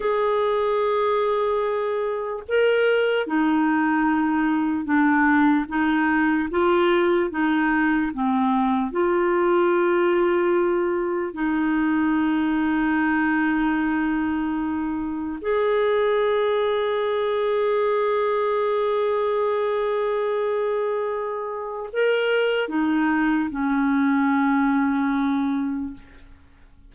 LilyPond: \new Staff \with { instrumentName = "clarinet" } { \time 4/4 \tempo 4 = 74 gis'2. ais'4 | dis'2 d'4 dis'4 | f'4 dis'4 c'4 f'4~ | f'2 dis'2~ |
dis'2. gis'4~ | gis'1~ | gis'2. ais'4 | dis'4 cis'2. | }